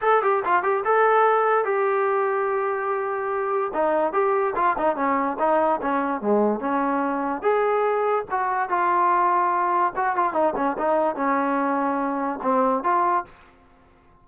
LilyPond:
\new Staff \with { instrumentName = "trombone" } { \time 4/4 \tempo 4 = 145 a'8 g'8 f'8 g'8 a'2 | g'1~ | g'4 dis'4 g'4 f'8 dis'8 | cis'4 dis'4 cis'4 gis4 |
cis'2 gis'2 | fis'4 f'2. | fis'8 f'8 dis'8 cis'8 dis'4 cis'4~ | cis'2 c'4 f'4 | }